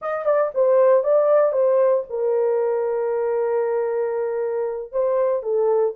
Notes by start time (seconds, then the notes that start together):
0.01 D#5
0.25 D5
0.54 C5
1.03 D5
1.52 C5
2.09 A#4
4.92 C5
5.42 A4